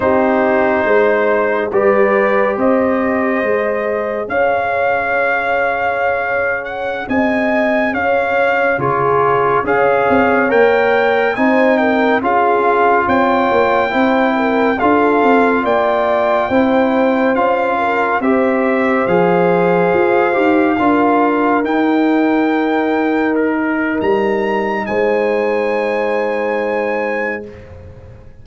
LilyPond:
<<
  \new Staff \with { instrumentName = "trumpet" } { \time 4/4 \tempo 4 = 70 c''2 d''4 dis''4~ | dis''4 f''2~ f''8. fis''16~ | fis''16 gis''4 f''4 cis''4 f''8.~ | f''16 g''4 gis''8 g''8 f''4 g''8.~ |
g''4~ g''16 f''4 g''4.~ g''16~ | g''16 f''4 e''4 f''4.~ f''16~ | f''4~ f''16 g''2 ais'8. | ais''4 gis''2. | }
  \new Staff \with { instrumentName = "horn" } { \time 4/4 g'4 c''4 b'4 c''4~ | c''4 cis''2.~ | cis''16 dis''4 cis''4 gis'4 cis''8.~ | cis''4~ cis''16 c''8 ais'8 gis'4 cis''8.~ |
cis''16 c''8 ais'8 a'4 d''4 c''8.~ | c''8. ais'8 c''2~ c''8.~ | c''16 ais'2.~ ais'8.~ | ais'4 c''2. | }
  \new Staff \with { instrumentName = "trombone" } { \time 4/4 dis'2 g'2 | gis'1~ | gis'2~ gis'16 f'4 gis'8.~ | gis'16 ais'4 dis'4 f'4.~ f'16~ |
f'16 e'4 f'2 e'8.~ | e'16 f'4 g'4 gis'4. g'16~ | g'16 f'4 dis'2~ dis'8.~ | dis'1 | }
  \new Staff \with { instrumentName = "tuba" } { \time 4/4 c'4 gis4 g4 c'4 | gis4 cis'2.~ | cis'16 c'4 cis'4 cis4 cis'8 c'16~ | c'16 ais4 c'4 cis'4 c'8 ais16~ |
ais16 c'4 d'8 c'8 ais4 c'8.~ | c'16 cis'4 c'4 f4 f'8 dis'16~ | dis'16 d'4 dis'2~ dis'8. | g4 gis2. | }
>>